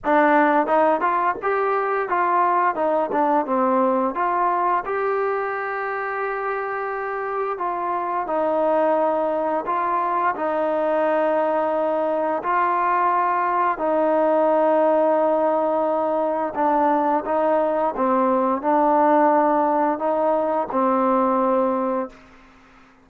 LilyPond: \new Staff \with { instrumentName = "trombone" } { \time 4/4 \tempo 4 = 87 d'4 dis'8 f'8 g'4 f'4 | dis'8 d'8 c'4 f'4 g'4~ | g'2. f'4 | dis'2 f'4 dis'4~ |
dis'2 f'2 | dis'1 | d'4 dis'4 c'4 d'4~ | d'4 dis'4 c'2 | }